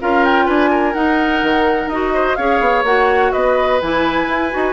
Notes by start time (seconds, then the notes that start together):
0.00 C#4 F4 A#4 F5
0.24 G5
0.46 D4 B4 G#5
0.70 A#4
0.93 D#4 F#5
1.43 D#3
1.86 D#4 F#4 D#5
2.14 C5
2.35 C#4 G#4 C#5 F5
2.60 B3
2.84 A#3 F#4 F#5
3.32 B3 B4 D#5
3.81 E3 E4 G#5
4.28 E4
4.50 D#4 F#4